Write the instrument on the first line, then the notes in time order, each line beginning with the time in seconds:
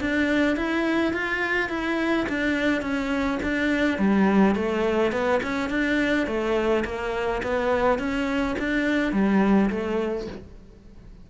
cello
0.00 D4
0.56 E4
1.13 F4
1.69 E4
2.28 D4
2.81 C#4
3.43 D4
3.98 G3
4.55 A3
5.12 B3
5.43 C#4
5.70 D4
6.27 A3
6.85 A#3
7.43 B3
7.99 C#4
8.58 D4
9.12 G3
9.70 A3